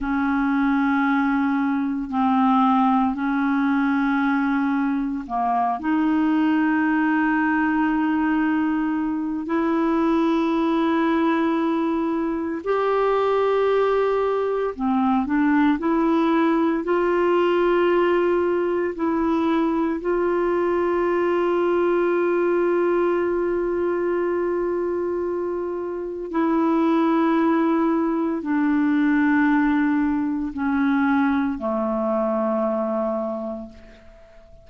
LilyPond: \new Staff \with { instrumentName = "clarinet" } { \time 4/4 \tempo 4 = 57 cis'2 c'4 cis'4~ | cis'4 ais8 dis'2~ dis'8~ | dis'4 e'2. | g'2 c'8 d'8 e'4 |
f'2 e'4 f'4~ | f'1~ | f'4 e'2 d'4~ | d'4 cis'4 a2 | }